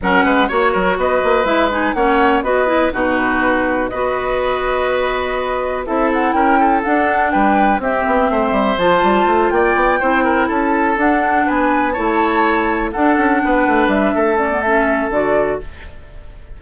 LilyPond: <<
  \new Staff \with { instrumentName = "flute" } { \time 4/4 \tempo 4 = 123 fis''4 cis''4 dis''4 e''8 gis''8 | fis''4 dis''4 b'2 | dis''1 | e''8 fis''8 g''4 fis''4 g''4 |
e''2 a''4. g''8~ | g''4. a''4 fis''4 gis''8~ | gis''8 a''2 fis''4.~ | fis''8 e''4 d''8 e''4 d''4 | }
  \new Staff \with { instrumentName = "oboe" } { \time 4/4 ais'8 b'8 cis''8 ais'8 b'2 | cis''4 b'4 fis'2 | b'1 | a'4 ais'8 a'4. b'4 |
g'4 c''2~ c''8 d''8~ | d''8 c''8 ais'8 a'2 b'8~ | b'8 cis''2 a'4 b'8~ | b'4 a'2. | }
  \new Staff \with { instrumentName = "clarinet" } { \time 4/4 cis'4 fis'2 e'8 dis'8 | cis'4 fis'8 e'8 dis'2 | fis'1 | e'2 d'2 |
c'2 f'2~ | f'8 e'2 d'4.~ | d'8 e'2 d'4.~ | d'4. cis'16 b16 cis'4 fis'4 | }
  \new Staff \with { instrumentName = "bassoon" } { \time 4/4 fis8 gis8 ais8 fis8 b8 ais8 gis4 | ais4 b4 b,2 | b1 | c'4 cis'4 d'4 g4 |
c'8 b8 a8 g8 f8 g8 a8 ais8 | b8 c'4 cis'4 d'4 b8~ | b8 a2 d'8 cis'8 b8 | a8 g8 a2 d4 | }
>>